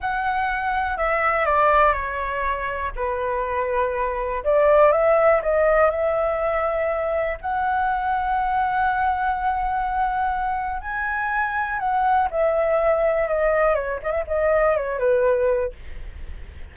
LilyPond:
\new Staff \with { instrumentName = "flute" } { \time 4/4 \tempo 4 = 122 fis''2 e''4 d''4 | cis''2 b'2~ | b'4 d''4 e''4 dis''4 | e''2. fis''4~ |
fis''1~ | fis''2 gis''2 | fis''4 e''2 dis''4 | cis''8 dis''16 e''16 dis''4 cis''8 b'4. | }